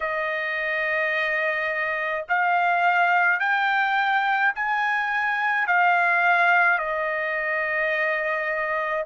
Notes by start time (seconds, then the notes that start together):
0.00 D#5
2.28 F5
3.39 G5
4.55 G#5
5.67 F5
6.78 D#5